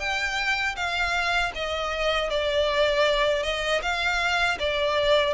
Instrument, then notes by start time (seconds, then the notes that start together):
violin
0.00 G5
0.76 F5
1.55 D#5
2.30 D5
3.43 D#5
3.82 F5
4.59 D5